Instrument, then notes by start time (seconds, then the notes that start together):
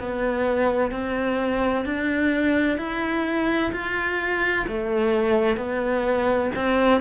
cello
0.00 B3
0.92 C4
1.85 D4
2.78 E4
3.73 F4
4.68 A3
5.57 B3
6.56 C4